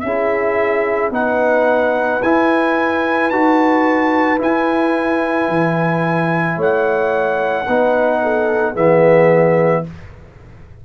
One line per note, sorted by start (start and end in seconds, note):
0.00 1.10 C#4
0.00 1.14 G#4
0.00 1.09 E5
0.06 1.11 E4
1.10 2.20 B3
1.10 2.20 D#4
1.10 6.56 B4
1.10 2.22 F#5
2.22 3.30 E4
2.22 3.32 E4
2.22 3.30 G#5
3.30 4.40 D#4
3.30 4.38 F#4
3.30 4.39 A5
4.38 7.66 E4
4.38 5.48 E4
4.38 6.60 G#5
5.48 6.57 E3
6.56 7.66 A3
6.56 7.65 C#5
6.56 8.76 F#5
7.67 8.75 B3
7.67 8.75 D#4
7.67 8.21 B4
8.23 8.73 A4
8.73 9.85 E3
8.73 9.84 B3
8.73 9.82 G#4
8.73 9.85 E5